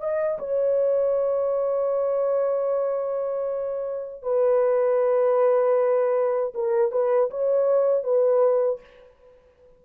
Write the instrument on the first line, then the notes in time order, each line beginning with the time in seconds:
horn
0.00 D#5
0.39 C#5
4.22 B4
6.55 A#4
6.92 B4
7.30 C#5
8.03 B4